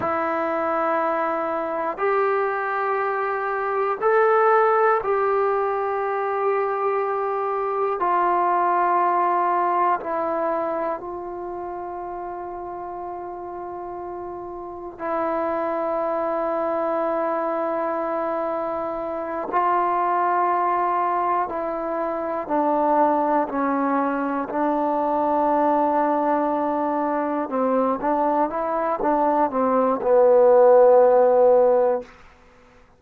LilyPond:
\new Staff \with { instrumentName = "trombone" } { \time 4/4 \tempo 4 = 60 e'2 g'2 | a'4 g'2. | f'2 e'4 f'4~ | f'2. e'4~ |
e'2.~ e'8 f'8~ | f'4. e'4 d'4 cis'8~ | cis'8 d'2. c'8 | d'8 e'8 d'8 c'8 b2 | }